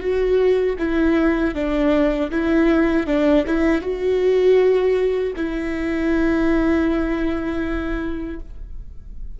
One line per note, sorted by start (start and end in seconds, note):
0.00 0.76 F#4
0.78 1.54 E4
1.54 2.30 D4
2.31 3.06 E4
3.06 3.44 D4
3.47 3.81 E4
3.81 5.33 F#4
5.36 8.40 E4